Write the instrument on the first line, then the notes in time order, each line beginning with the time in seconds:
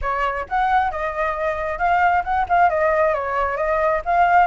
flute
0.01 C#5
0.48 F#5
0.91 D#5
1.78 F5
2.23 F#5
2.48 F5
2.69 D#5
3.13 C#5
3.56 D#5
4.05 F5